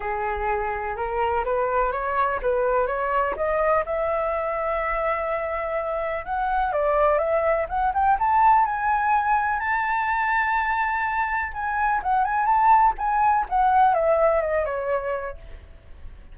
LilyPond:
\new Staff \with { instrumentName = "flute" } { \time 4/4 \tempo 4 = 125 gis'2 ais'4 b'4 | cis''4 b'4 cis''4 dis''4 | e''1~ | e''4 fis''4 d''4 e''4 |
fis''8 g''8 a''4 gis''2 | a''1 | gis''4 fis''8 gis''8 a''4 gis''4 | fis''4 e''4 dis''8 cis''4. | }